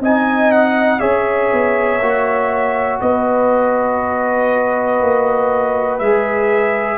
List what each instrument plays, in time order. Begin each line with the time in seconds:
0.00 tuba C4, trombone D#4, horn D#5, trumpet G#5
0.52 trumpet F#5
1.00 tuba C#4, trombone G#4, horn C#5, trumpet E5
1.52 tuba B3
2.00 tuba A#3, trombone F#4
3.01 tuba B3, horn B4, trumpet D#5
5.01 tuba A#3
5.99 tuba G#3, trombone G#4, trumpet E5